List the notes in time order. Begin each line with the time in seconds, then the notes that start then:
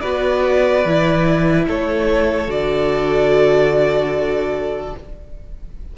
0.00 B3 F#4 B4 D5
0.85 E3 E4
1.67 A3 A4 C#5
2.47 D3 F#4 D5